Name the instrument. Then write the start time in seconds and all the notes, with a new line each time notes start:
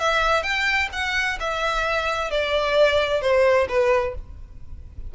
violin
0.00 E5
0.43 G5
0.93 F#5
1.40 E5
2.31 D5
3.22 C5
3.69 B4